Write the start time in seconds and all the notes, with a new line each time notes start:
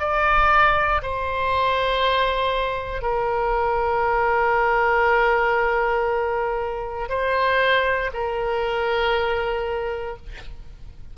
0.00 D5
1.03 C5
3.02 A#4
7.09 C5
8.14 A#4